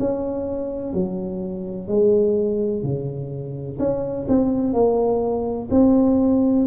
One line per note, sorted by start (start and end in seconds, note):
0.00 0.94 C#4
0.94 1.88 F#3
1.88 2.84 G#3
2.84 3.79 C#3
3.79 4.27 C#4
4.29 4.74 C4
4.74 5.69 A#3
5.71 6.67 C4